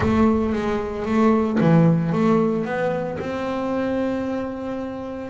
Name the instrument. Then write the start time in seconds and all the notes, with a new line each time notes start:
double bass
0.00 A3
0.52 G#3
1.05 A3
1.60 E3
2.12 A3
2.65 B3
3.19 C4